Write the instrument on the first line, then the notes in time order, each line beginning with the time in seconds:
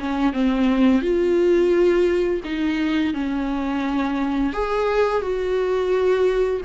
viola
0.00 C#4
0.33 C4
1.02 F4
2.44 D#4
3.14 C#4
4.53 G#4
5.22 F#4